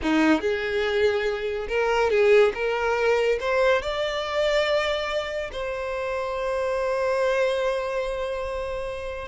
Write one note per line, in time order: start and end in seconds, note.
0.02 0.41 D#4
0.41 1.67 G#4
1.68 2.10 A#4
2.10 2.52 G#4
2.54 3.38 A#4
3.40 3.81 C5
3.81 5.50 D5
5.52 9.27 C5